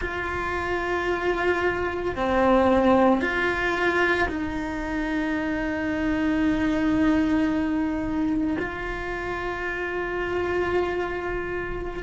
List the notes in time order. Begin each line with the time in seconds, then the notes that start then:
0.00 F4
2.15 C4
3.21 F4
4.29 D#4
8.59 F4